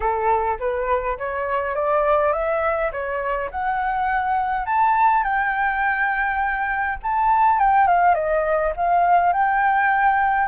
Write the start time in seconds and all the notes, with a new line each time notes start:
0.00 A4
0.59 B4
1.18 C#5
1.75 D5
2.32 E5
2.92 C#5
3.51 F#5
4.65 A5
5.23 G5
7.02 A5
7.59 G5
7.87 F5
8.14 D#5
8.76 F5
9.32 G5